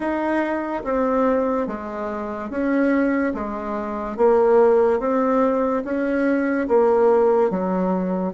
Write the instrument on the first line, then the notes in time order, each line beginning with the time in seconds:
bassoon
0.00 D#4
0.83 C4
1.67 G#3
2.50 C#4
3.33 G#3
4.17 A#3
4.99 C4
5.84 C#4
6.68 A#3
7.50 F#3